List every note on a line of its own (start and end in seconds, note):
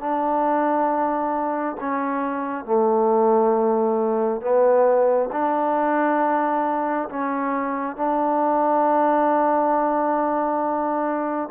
0.00 1.76 D4
1.80 2.65 C#4
2.65 4.41 A3
4.41 5.29 B3
5.32 7.09 D4
7.09 7.96 C#4
7.96 11.49 D4